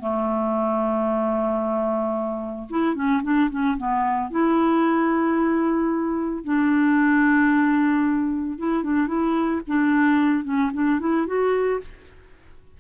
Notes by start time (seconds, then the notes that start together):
0.00 A3
2.70 E4
2.95 C#4
3.23 D4
3.50 C#4
3.77 B3
4.30 E4
6.44 D4
8.58 E4
8.83 D4
9.08 E4
9.67 D4
10.44 C#4
10.73 D4
11.00 E4
11.26 F#4